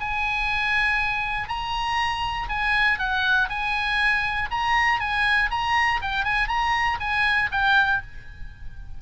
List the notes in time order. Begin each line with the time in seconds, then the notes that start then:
0.00 G#5
1.48 A#5
2.49 G#5
2.99 F#5
3.49 G#5
4.51 A#5
5.00 G#5
5.51 A#5
6.02 G5
6.25 G#5
6.48 A#5
7.00 G#5
7.52 G5